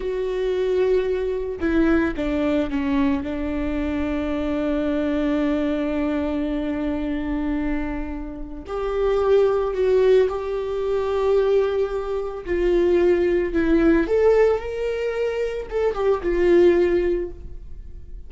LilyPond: \new Staff \with { instrumentName = "viola" } { \time 4/4 \tempo 4 = 111 fis'2. e'4 | d'4 cis'4 d'2~ | d'1~ | d'1 |
g'2 fis'4 g'4~ | g'2. f'4~ | f'4 e'4 a'4 ais'4~ | ais'4 a'8 g'8 f'2 | }